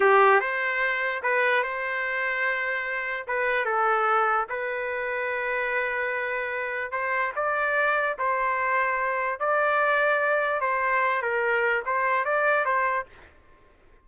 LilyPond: \new Staff \with { instrumentName = "trumpet" } { \time 4/4 \tempo 4 = 147 g'4 c''2 b'4 | c''1 | b'4 a'2 b'4~ | b'1~ |
b'4 c''4 d''2 | c''2. d''4~ | d''2 c''4. ais'8~ | ais'4 c''4 d''4 c''4 | }